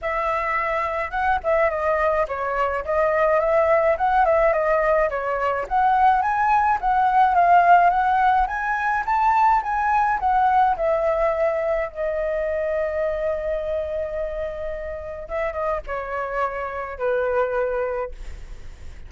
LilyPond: \new Staff \with { instrumentName = "flute" } { \time 4/4 \tempo 4 = 106 e''2 fis''8 e''8 dis''4 | cis''4 dis''4 e''4 fis''8 e''8 | dis''4 cis''4 fis''4 gis''4 | fis''4 f''4 fis''4 gis''4 |
a''4 gis''4 fis''4 e''4~ | e''4 dis''2.~ | dis''2. e''8 dis''8 | cis''2 b'2 | }